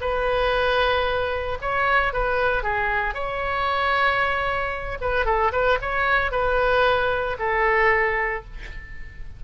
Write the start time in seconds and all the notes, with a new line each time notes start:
0.00 B4
1.61 C#5
2.13 B4
2.63 G#4
3.14 C#5
5.01 B4
5.25 A4
5.52 B4
5.81 C#5
6.31 B4
7.39 A4